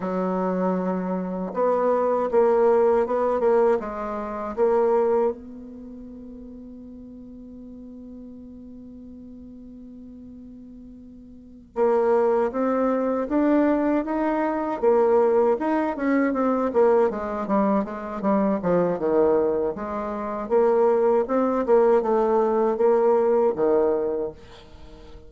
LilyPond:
\new Staff \with { instrumentName = "bassoon" } { \time 4/4 \tempo 4 = 79 fis2 b4 ais4 | b8 ais8 gis4 ais4 b4~ | b1~ | b2.~ b8 ais8~ |
ais8 c'4 d'4 dis'4 ais8~ | ais8 dis'8 cis'8 c'8 ais8 gis8 g8 gis8 | g8 f8 dis4 gis4 ais4 | c'8 ais8 a4 ais4 dis4 | }